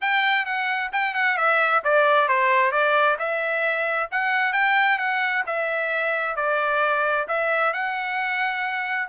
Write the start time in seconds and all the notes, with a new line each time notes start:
0.01 G5
0.45 F#5
0.92 G5
1.14 F#5
1.37 E5
1.83 D5
2.28 C5
2.71 D5
3.18 E5
4.11 F#5
4.52 G5
4.98 F#5
5.46 E5
6.36 D5
7.27 E5
7.73 F#5